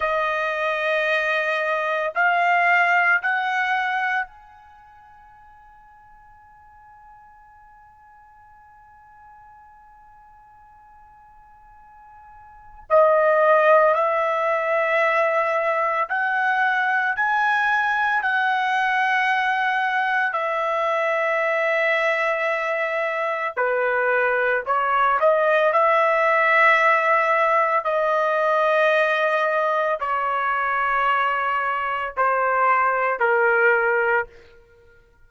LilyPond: \new Staff \with { instrumentName = "trumpet" } { \time 4/4 \tempo 4 = 56 dis''2 f''4 fis''4 | gis''1~ | gis''1 | dis''4 e''2 fis''4 |
gis''4 fis''2 e''4~ | e''2 b'4 cis''8 dis''8 | e''2 dis''2 | cis''2 c''4 ais'4 | }